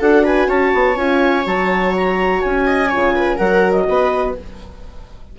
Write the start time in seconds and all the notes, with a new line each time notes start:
0.00 D4 F#4 A4 F#5
0.24 B4 G#5
0.48 C#4 C#5 A5
0.74 B3
0.96 C#4 F4 G#5
1.45 F#3 F#4 A5
1.97 A#5
2.42 C#4 G#5
2.67 D#5
2.90 C#3 F4 C#5
3.16 B4
3.37 F#3 F#4 A#4 F#5
3.72 D#5
3.89 B3 B4